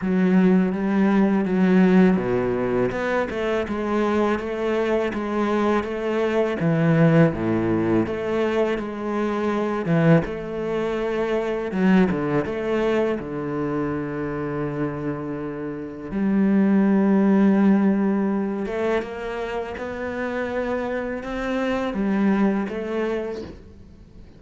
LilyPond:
\new Staff \with { instrumentName = "cello" } { \time 4/4 \tempo 4 = 82 fis4 g4 fis4 b,4 | b8 a8 gis4 a4 gis4 | a4 e4 a,4 a4 | gis4. e8 a2 |
fis8 d8 a4 d2~ | d2 g2~ | g4. a8 ais4 b4~ | b4 c'4 g4 a4 | }